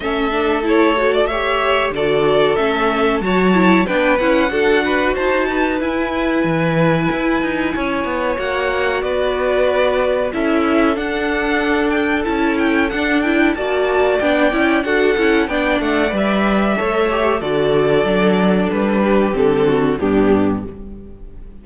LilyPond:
<<
  \new Staff \with { instrumentName = "violin" } { \time 4/4 \tempo 4 = 93 e''4 cis''8. d''16 e''4 d''4 | e''4 a''4 g''8 fis''4. | a''4 gis''2.~ | gis''4 fis''4 d''2 |
e''4 fis''4. g''8 a''8 g''8 | fis''8 g''8 a''4 g''4 fis''4 | g''8 fis''8 e''2 d''4~ | d''4 b'4 a'4 g'4 | }
  \new Staff \with { instrumentName = "violin" } { \time 4/4 a'2 cis''4 a'4~ | a'4 cis''4 b'4 a'8 b'8 | c''8 b'2.~ b'8 | cis''2 b'2 |
a'1~ | a'4 d''2 a'4 | d''2 cis''4 a'4~ | a'4. g'4 fis'8 d'4 | }
  \new Staff \with { instrumentName = "viola" } { \time 4/4 cis'8 d'8 e'8 fis'8 g'4 fis'4 | cis'4 fis'8 e'8 d'8 e'8 fis'4~ | fis'4 e'2.~ | e'4 fis'2. |
e'4 d'2 e'4 | d'8 e'8 fis'4 d'8 e'8 fis'8 e'8 | d'4 b'4 a'8 g'8 fis'4 | d'2 c'4 b4 | }
  \new Staff \with { instrumentName = "cello" } { \time 4/4 a2. d4 | a4 fis4 b8 cis'8 d'4 | dis'4 e'4 e4 e'8 dis'8 | cis'8 b8 ais4 b2 |
cis'4 d'2 cis'4 | d'4 ais4 b8 cis'8 d'8 cis'8 | b8 a8 g4 a4 d4 | fis4 g4 d4 g,4 | }
>>